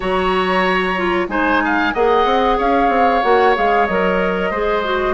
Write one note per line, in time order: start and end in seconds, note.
0.00 1.28 F#3
0.00 0.95 F#4
0.00 1.26 C#5
0.00 1.27 A#5
0.96 1.28 F4
1.28 1.92 G#3
1.28 1.92 D#4
1.28 1.63 C5
1.28 1.94 G#5
1.64 1.94 F5
1.94 2.25 A#3
1.94 3.23 G#4
1.94 2.57 D#5
1.94 2.58 F#5
2.25 2.57 C4
2.57 2.88 C#4
2.57 4.50 C#5
2.57 3.22 F5
2.88 3.21 C4
3.22 3.55 A#3
3.22 3.55 F#4
3.22 3.54 F#5
3.55 3.88 G#3
3.55 3.87 G#4
3.55 3.86 F5
3.86 4.51 F#3
3.86 4.53 A#4
3.86 5.13 D#5
4.50 5.13 G#3
4.50 4.84 G#4
4.50 5.13 C5
4.84 5.13 F#4